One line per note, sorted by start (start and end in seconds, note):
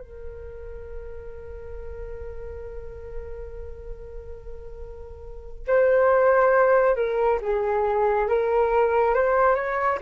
0.00 5.65 A#4
5.67 6.96 C5
6.96 7.39 A#4
7.41 8.28 G#4
8.28 9.14 A#4
9.14 9.55 C5
9.55 9.98 C#5